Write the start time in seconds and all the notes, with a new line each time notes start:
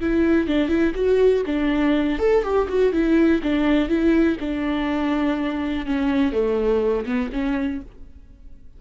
0.00 E4
0.47 D4
0.68 E4
0.95 F#4
1.46 D4
2.19 A4
2.43 G4
2.68 F#4
2.92 E4
3.43 D4
3.88 E4
4.40 D4
5.86 C#4
6.32 A3
7.05 B3
7.32 C#4